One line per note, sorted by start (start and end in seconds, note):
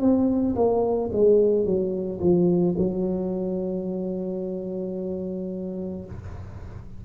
0.00 0.55 C4
0.55 1.10 A#3
1.12 1.65 G#3
1.65 2.20 F#3
2.20 2.75 F3
2.77 6.05 F#3